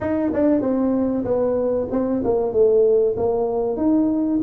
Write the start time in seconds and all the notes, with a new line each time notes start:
0.00 D#4
0.33 D4
0.61 C4
1.24 B3
1.91 C4
2.23 A#3
2.52 A3
3.16 A#3
3.76 D#4